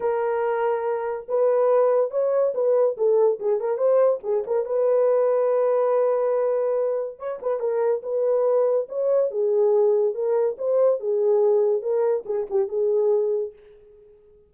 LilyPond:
\new Staff \with { instrumentName = "horn" } { \time 4/4 \tempo 4 = 142 ais'2. b'4~ | b'4 cis''4 b'4 a'4 | gis'8 ais'8 c''4 gis'8 ais'8 b'4~ | b'1~ |
b'4 cis''8 b'8 ais'4 b'4~ | b'4 cis''4 gis'2 | ais'4 c''4 gis'2 | ais'4 gis'8 g'8 gis'2 | }